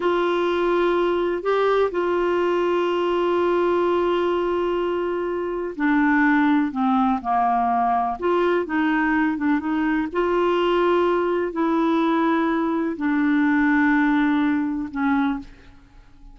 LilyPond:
\new Staff \with { instrumentName = "clarinet" } { \time 4/4 \tempo 4 = 125 f'2. g'4 | f'1~ | f'1 | d'2 c'4 ais4~ |
ais4 f'4 dis'4. d'8 | dis'4 f'2. | e'2. d'4~ | d'2. cis'4 | }